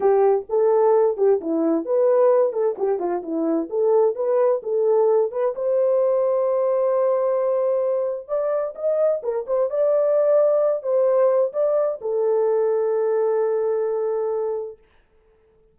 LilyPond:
\new Staff \with { instrumentName = "horn" } { \time 4/4 \tempo 4 = 130 g'4 a'4. g'8 e'4 | b'4. a'8 g'8 f'8 e'4 | a'4 b'4 a'4. b'8 | c''1~ |
c''2 d''4 dis''4 | ais'8 c''8 d''2~ d''8 c''8~ | c''4 d''4 a'2~ | a'1 | }